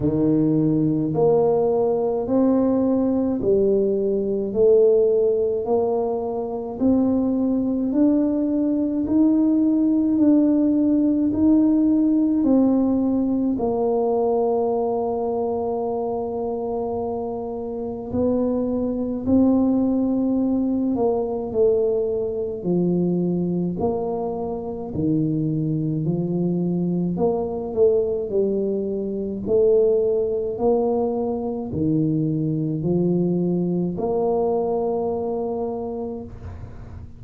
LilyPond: \new Staff \with { instrumentName = "tuba" } { \time 4/4 \tempo 4 = 53 dis4 ais4 c'4 g4 | a4 ais4 c'4 d'4 | dis'4 d'4 dis'4 c'4 | ais1 |
b4 c'4. ais8 a4 | f4 ais4 dis4 f4 | ais8 a8 g4 a4 ais4 | dis4 f4 ais2 | }